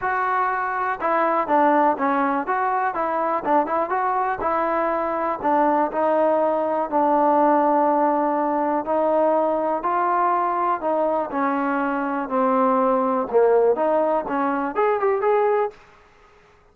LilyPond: \new Staff \with { instrumentName = "trombone" } { \time 4/4 \tempo 4 = 122 fis'2 e'4 d'4 | cis'4 fis'4 e'4 d'8 e'8 | fis'4 e'2 d'4 | dis'2 d'2~ |
d'2 dis'2 | f'2 dis'4 cis'4~ | cis'4 c'2 ais4 | dis'4 cis'4 gis'8 g'8 gis'4 | }